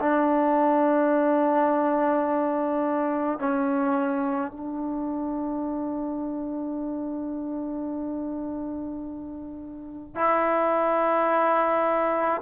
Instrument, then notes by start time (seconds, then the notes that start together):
trombone
0.00 D4
3.39 C#4
4.51 D4
10.15 E4